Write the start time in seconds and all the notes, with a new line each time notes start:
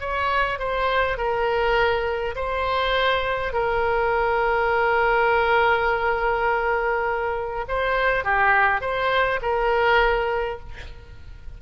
0.00 C#5
0.59 C5
1.17 A#4
2.35 C5
3.53 A#4
7.68 C5
8.24 G4
8.81 C5
9.42 A#4